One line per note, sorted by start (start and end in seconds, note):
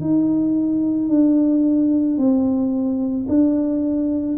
0.00 1.08 D#4
1.08 2.17 D4
2.17 3.26 C4
3.28 4.37 D4